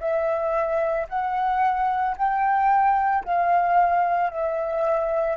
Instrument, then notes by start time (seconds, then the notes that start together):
flute
0.00 E5
1.08 F#5
2.16 G5
3.24 F5
4.30 E5